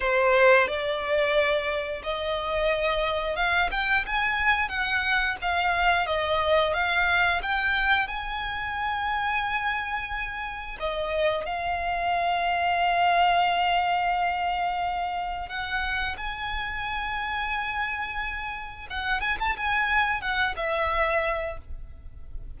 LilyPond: \new Staff \with { instrumentName = "violin" } { \time 4/4 \tempo 4 = 89 c''4 d''2 dis''4~ | dis''4 f''8 g''8 gis''4 fis''4 | f''4 dis''4 f''4 g''4 | gis''1 |
dis''4 f''2.~ | f''2. fis''4 | gis''1 | fis''8 gis''16 a''16 gis''4 fis''8 e''4. | }